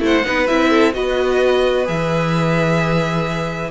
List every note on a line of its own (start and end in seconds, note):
0.00 0.23 A3
0.00 0.23 E4
0.00 0.26 C5
0.06 0.47 F#5
0.25 0.51 B3
0.25 0.48 D#4
0.25 0.70 B4
0.47 0.97 C4
0.47 0.93 E4
0.47 0.93 E5
0.70 0.93 A4
0.93 1.89 B3
0.93 1.85 F#4
0.93 3.71 B4
0.93 1.86 D#5
1.85 3.71 E3
1.85 3.70 G#4
1.85 3.71 E5